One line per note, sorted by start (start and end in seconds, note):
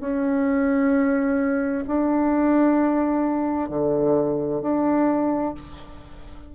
0.00 1.85 C#4
1.87 3.69 D4
3.69 4.62 D3
4.62 5.54 D4